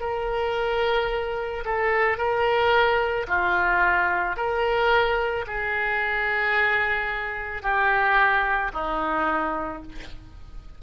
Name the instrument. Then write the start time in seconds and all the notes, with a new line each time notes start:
oboe
0.00 A#4
1.65 A4
2.18 A#4
3.28 F4
4.36 A#4
5.47 G#4
7.63 G4
8.73 D#4